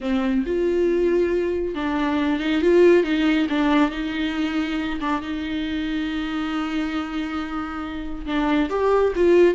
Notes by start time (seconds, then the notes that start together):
0.00 C4
0.46 F4
1.74 D4
2.39 D#4
2.61 F4
3.03 D#4
3.49 D4
3.91 D#4
5.00 D4
5.21 D#4
8.25 D4
8.69 G4
9.15 F4